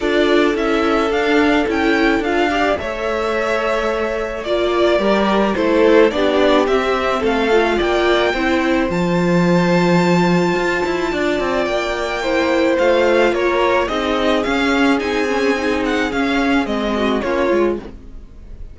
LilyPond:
<<
  \new Staff \with { instrumentName = "violin" } { \time 4/4 \tempo 4 = 108 d''4 e''4 f''4 g''4 | f''4 e''2. | d''2 c''4 d''4 | e''4 f''4 g''2 |
a''1~ | a''4 g''2 f''4 | cis''4 dis''4 f''4 gis''4~ | gis''8 fis''8 f''4 dis''4 cis''4 | }
  \new Staff \with { instrumentName = "violin" } { \time 4/4 a'1~ | a'8 d''8 cis''2. | d''4 ais'4 a'4 g'4~ | g'4 a'4 d''4 c''4~ |
c''1 | d''2 c''2 | ais'4 gis'2.~ | gis'2~ gis'8 fis'8 f'4 | }
  \new Staff \with { instrumentName = "viola" } { \time 4/4 f'4 e'4 d'4 e'4 | f'8 g'8 a'2. | f'4 g'4 e'4 d'4 | c'4. f'4. e'4 |
f'1~ | f'2 e'4 f'4~ | f'4 dis'4 cis'4 dis'8 cis'8 | dis'4 cis'4 c'4 cis'8 f'8 | }
  \new Staff \with { instrumentName = "cello" } { \time 4/4 d'4 cis'4 d'4 cis'4 | d'4 a2. | ais4 g4 a4 b4 | c'4 a4 ais4 c'4 |
f2. f'8 e'8 | d'8 c'8 ais2 a4 | ais4 c'4 cis'4 c'4~ | c'4 cis'4 gis4 ais8 gis8 | }
>>